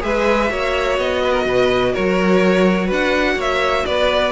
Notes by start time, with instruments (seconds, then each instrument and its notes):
0.00 cello G#3, viola G#4, violin B4 E5
0.49 cello A#3, viola F#4, violin C#5
0.98 cello B3, violin D#5
1.23 violin B4
1.32 violin A#4
1.45 cello B2, violin B4
1.92 cello F#3, violin A#4 C#5
2.86 cello D4, violin B4
2.92 violin F#5
3.36 cello A#3, violin C#5 E5
3.85 cello B3, violin B4 D5